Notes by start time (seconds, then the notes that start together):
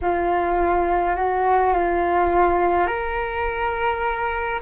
0.01 F4
1.15 F#4
1.73 F4
2.86 A#4